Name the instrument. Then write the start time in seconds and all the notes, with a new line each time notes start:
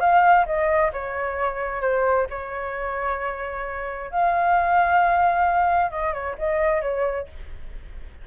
flute
0.00 F5
0.46 D#5
0.93 C#5
1.81 C5
2.30 C#5
4.11 F5
5.91 D#5
6.13 C#5
6.38 D#5
6.82 C#5